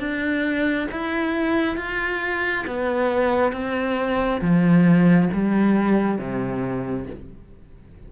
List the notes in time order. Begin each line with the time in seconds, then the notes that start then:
0.00 D4
0.92 E4
1.77 F4
2.67 B3
3.53 C4
4.41 F3
5.34 G3
6.18 C3